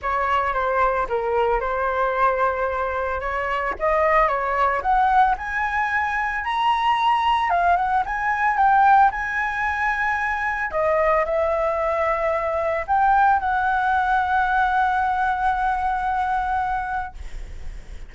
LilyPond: \new Staff \with { instrumentName = "flute" } { \time 4/4 \tempo 4 = 112 cis''4 c''4 ais'4 c''4~ | c''2 cis''4 dis''4 | cis''4 fis''4 gis''2 | ais''2 f''8 fis''8 gis''4 |
g''4 gis''2. | dis''4 e''2. | g''4 fis''2.~ | fis''1 | }